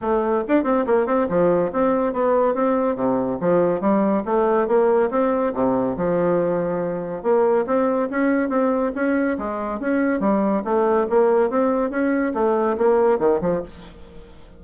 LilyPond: \new Staff \with { instrumentName = "bassoon" } { \time 4/4 \tempo 4 = 141 a4 d'8 c'8 ais8 c'8 f4 | c'4 b4 c'4 c4 | f4 g4 a4 ais4 | c'4 c4 f2~ |
f4 ais4 c'4 cis'4 | c'4 cis'4 gis4 cis'4 | g4 a4 ais4 c'4 | cis'4 a4 ais4 dis8 f8 | }